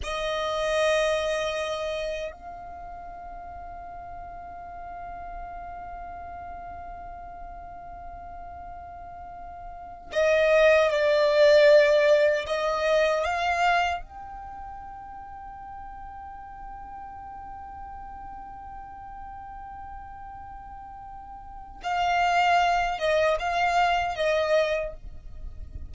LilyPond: \new Staff \with { instrumentName = "violin" } { \time 4/4 \tempo 4 = 77 dis''2. f''4~ | f''1~ | f''1~ | f''4 dis''4 d''2 |
dis''4 f''4 g''2~ | g''1~ | g''1 | f''4. dis''8 f''4 dis''4 | }